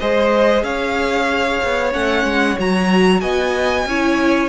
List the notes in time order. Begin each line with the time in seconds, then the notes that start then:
0.00 G#3 G#4 C5 D#5
0.63 C#4 C#5 F5
1.64 B3
1.93 A3 C#4 F#5
2.24 G#3
2.58 F#3 F#4 A#5
3.20 B3 D#5 G#5
3.86 C#4 E4 C#5